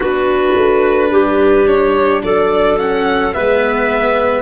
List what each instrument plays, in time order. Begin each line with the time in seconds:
0.00 tuba B3, cello D4, clarinet F#4, violin B4
0.56 tuba A3
1.11 tuba G3, clarinet G4
1.66 violin C#5
2.23 tuba F#3, clarinet A4, violin D5
2.78 cello C#4, violin F#5
3.33 tuba G#3, cello B3, clarinet B4, violin E5